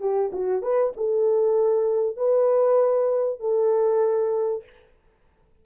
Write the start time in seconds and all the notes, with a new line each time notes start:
0.00 G4
0.33 F#4
0.62 B4
0.97 A4
2.17 B4
3.40 A4